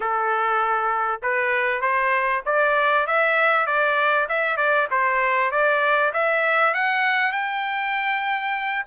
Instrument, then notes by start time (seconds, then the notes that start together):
trumpet
0.00 A4
1.22 B4
1.81 C5
2.45 D5
3.06 E5
3.66 D5
4.29 E5
4.56 D5
4.90 C5
5.51 D5
6.13 E5
6.73 F#5
7.32 G5